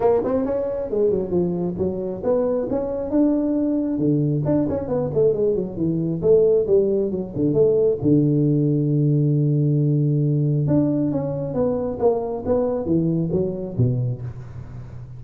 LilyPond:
\new Staff \with { instrumentName = "tuba" } { \time 4/4 \tempo 4 = 135 ais8 c'8 cis'4 gis8 fis8 f4 | fis4 b4 cis'4 d'4~ | d'4 d4 d'8 cis'8 b8 a8 | gis8 fis8 e4 a4 g4 |
fis8 d8 a4 d2~ | d1 | d'4 cis'4 b4 ais4 | b4 e4 fis4 b,4 | }